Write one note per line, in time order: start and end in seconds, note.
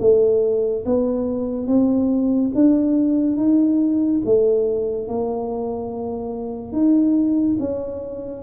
0.00 0.85 A3
0.86 1.67 B3
1.67 2.52 C4
2.55 3.37 D4
3.37 4.21 D#4
4.25 5.08 A3
5.08 6.73 A#3
6.73 7.57 D#4
7.59 8.43 C#4